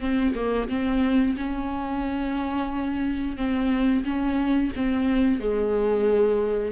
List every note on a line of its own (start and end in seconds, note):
0.00 0.34 C4
0.35 0.69 A#3
0.69 1.36 C4
1.37 3.37 C#4
3.37 4.04 C4
4.04 4.72 C#4
4.76 5.40 C4
5.40 6.72 G#3